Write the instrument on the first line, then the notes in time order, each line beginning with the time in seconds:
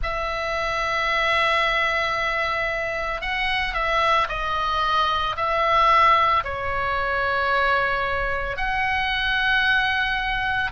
oboe
0.02 E5
3.21 F#5
3.74 E5
4.29 D#5
5.36 E5
6.44 C#5
8.57 F#5